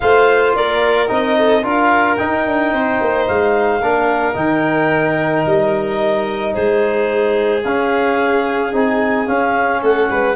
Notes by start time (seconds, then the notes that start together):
0.00 A3 F4 C5 F5
0.55 A#3 A#4 D5
1.07 C4 D#4 D#5
1.37 A4
1.62 D4 F4 A#4 F5
2.16 D#4 G5
2.46 D4
2.72 C4 C5
3.00 A#3
3.27 G#3 F5
3.80 A#3 D4 A#4
4.33 D#3 D#4 G5
5.46 G3 D#5
6.53 G#3 G#4 C5
7.64 C#4 F5
8.72 C4 D#4 G#5
9.26 C#4 F5
9.81 A3 A4 F#5
10.10 G#3 B4